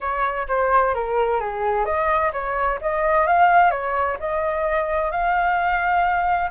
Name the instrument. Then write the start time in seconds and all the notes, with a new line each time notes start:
flute
0.00 C#5
0.48 C5
0.94 A#4
1.40 G#4
1.85 D#5
2.32 C#5
2.81 D#5
3.26 F5
3.70 C#5
4.19 D#5
5.11 F5